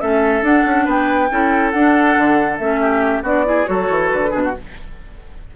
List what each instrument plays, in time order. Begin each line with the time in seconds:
0.00 bassoon A3, clarinet C#4, oboe A4, flute E5
0.42 bassoon D4, clarinet D4, flute F#5
0.66 bassoon C#4
0.85 bassoon B3, oboe B4, flute G5
1.30 bassoon C#4, clarinet E4, oboe A4
1.70 bassoon D4, clarinet D4, flute F#5
2.18 bassoon D3
2.58 bassoon A3, clarinet C#4, flute E5
2.81 oboe G4
3.22 bassoon B3, clarinet D4, oboe F#4, flute D5
3.45 clarinet E4, oboe G#4
3.65 bassoon F#3, clarinet F#4, oboe A4, flute C#5
3.90 bassoon E3
4.09 bassoon D3, flute B4
4.30 bassoon B2, clarinet D4, oboe G#4
4.44 oboe F#4